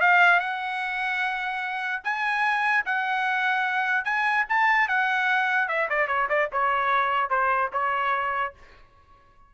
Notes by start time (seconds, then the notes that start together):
0.00 F5
0.39 F#5
2.03 G#5
2.85 F#5
4.04 G#5
4.48 A5
4.88 F#5
5.68 E5
5.89 D5
6.07 C#5
6.28 D5
6.52 C#5
7.30 C5
7.72 C#5